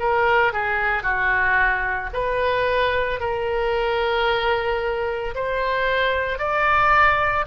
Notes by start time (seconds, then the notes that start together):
0.00 A#4
0.54 G#4
1.03 F#4
2.14 B4
3.20 A#4
5.35 C5
6.38 D5